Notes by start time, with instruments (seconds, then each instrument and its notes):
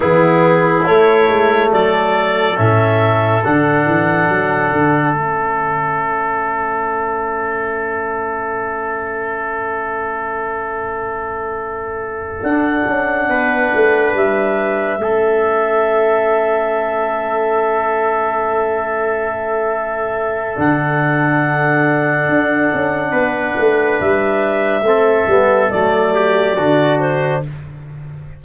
0.00 tuba E3, trombone B3, trumpet E4, clarinet G#4
0.84 trombone A3, tuba A3, clarinet C#5
1.29 tuba G#3
1.72 tuba F#3, trumpet A4, clarinet D5
2.56 tuba A2, trombone C#4, clarinet E5
3.44 tuba D3, trombone D4, clarinet F#5
3.85 tuba E3
4.28 tuba F#3
4.72 tuba D3
5.13 tuba A3, trombone C#4, clarinet E5
12.42 tuba D4, trombone D4, clarinet F#5
12.86 tuba C#4
13.29 tuba B3, trumpet B4
13.74 tuba A3
14.13 tuba G3, clarinet E5
14.98 tuba A3, trombone C#4, trumpet A4
20.55 tuba D3, trombone D4, clarinet F#5
22.29 tuba D4
22.73 tuba C#4
23.11 tuba B3, trumpet B4
23.57 tuba A3
24.00 tuba G3, clarinet E5
24.82 tuba A3, trombone C4, trumpet A4
25.27 tuba G3, trombone B3
25.70 tuba F#3, trombone A3, clarinet D5
26.14 trumpet G4
26.56 tuba D3, trombone D4, trumpet F#4
26.99 clarinet C5